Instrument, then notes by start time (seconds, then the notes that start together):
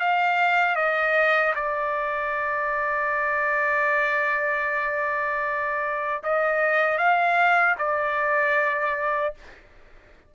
trumpet
0.00 F5
0.76 D#5
1.55 D5
6.23 D#5
6.98 F5
7.79 D5